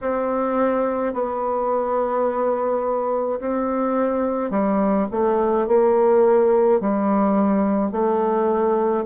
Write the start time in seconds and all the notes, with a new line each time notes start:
0.01 C4
1.13 B3
3.40 C4
4.50 G3
5.10 A3
5.67 A#3
6.80 G3
7.91 A3